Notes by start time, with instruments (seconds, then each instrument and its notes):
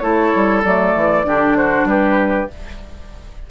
0.00 bassoon A3, clarinet E4, oboe A4, flute C#5
0.35 bassoon G3
0.64 bassoon F#3, clarinet A3, flute D5
0.96 bassoon E3
1.24 bassoon D3, clarinet D4, oboe G4
1.56 oboe F#4, flute C5
1.85 bassoon G3, oboe G4, flute B4